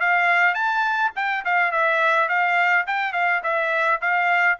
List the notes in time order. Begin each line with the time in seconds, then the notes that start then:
0.00 F5
0.54 A5
1.16 G5
1.45 F5
1.71 E5
2.28 F5
2.86 G5
3.13 F5
3.43 E5
4.01 F5